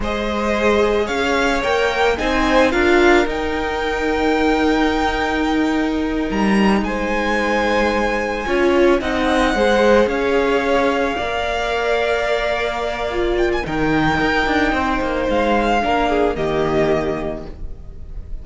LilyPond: <<
  \new Staff \with { instrumentName = "violin" } { \time 4/4 \tempo 4 = 110 dis''2 f''4 g''4 | gis''4 f''4 g''2~ | g''2.~ g''8 ais''8~ | ais''8 gis''2.~ gis''8~ |
gis''8 fis''2 f''4.~ | f''1~ | f''8 g''16 gis''16 g''2. | f''2 dis''2 | }
  \new Staff \with { instrumentName = "violin" } { \time 4/4 c''2 cis''2 | c''4 ais'2.~ | ais'1~ | ais'8 c''2. cis''8~ |
cis''8 dis''4 c''4 cis''4.~ | cis''8 d''2.~ d''8~ | d''4 ais'2 c''4~ | c''4 ais'8 gis'8 g'2 | }
  \new Staff \with { instrumentName = "viola" } { \time 4/4 gis'2. ais'4 | dis'4 f'4 dis'2~ | dis'1~ | dis'2.~ dis'8 f'8~ |
f'8 dis'4 gis'2~ gis'8~ | gis'8 ais'2.~ ais'8 | f'4 dis'2.~ | dis'4 d'4 ais2 | }
  \new Staff \with { instrumentName = "cello" } { \time 4/4 gis2 cis'4 ais4 | c'4 d'4 dis'2~ | dis'2.~ dis'8 g8~ | g8 gis2. cis'8~ |
cis'8 c'4 gis4 cis'4.~ | cis'8 ais2.~ ais8~ | ais4 dis4 dis'8 d'8 c'8 ais8 | gis4 ais4 dis2 | }
>>